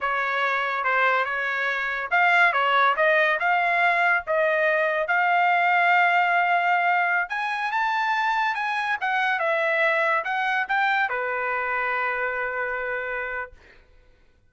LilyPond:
\new Staff \with { instrumentName = "trumpet" } { \time 4/4 \tempo 4 = 142 cis''2 c''4 cis''4~ | cis''4 f''4 cis''4 dis''4 | f''2 dis''2 | f''1~ |
f''4~ f''16 gis''4 a''4.~ a''16~ | a''16 gis''4 fis''4 e''4.~ e''16~ | e''16 fis''4 g''4 b'4.~ b'16~ | b'1 | }